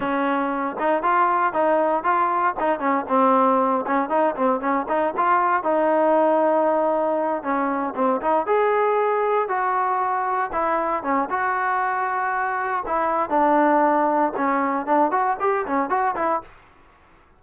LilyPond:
\new Staff \with { instrumentName = "trombone" } { \time 4/4 \tempo 4 = 117 cis'4. dis'8 f'4 dis'4 | f'4 dis'8 cis'8 c'4. cis'8 | dis'8 c'8 cis'8 dis'8 f'4 dis'4~ | dis'2~ dis'8 cis'4 c'8 |
dis'8 gis'2 fis'4.~ | fis'8 e'4 cis'8 fis'2~ | fis'4 e'4 d'2 | cis'4 d'8 fis'8 g'8 cis'8 fis'8 e'8 | }